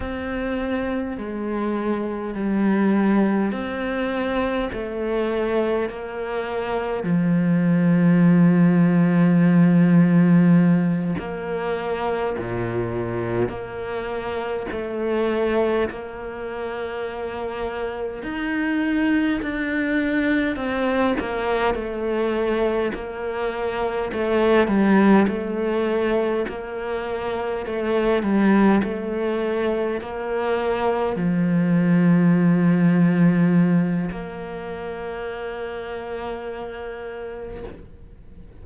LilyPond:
\new Staff \with { instrumentName = "cello" } { \time 4/4 \tempo 4 = 51 c'4 gis4 g4 c'4 | a4 ais4 f2~ | f4. ais4 ais,4 ais8~ | ais8 a4 ais2 dis'8~ |
dis'8 d'4 c'8 ais8 a4 ais8~ | ais8 a8 g8 a4 ais4 a8 | g8 a4 ais4 f4.~ | f4 ais2. | }